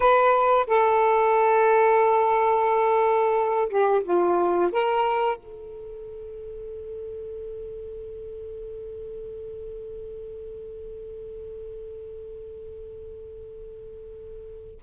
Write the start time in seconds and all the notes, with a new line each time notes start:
0.00 B4
0.66 A4
3.68 G4
4.03 F4
4.72 A#4
5.36 A4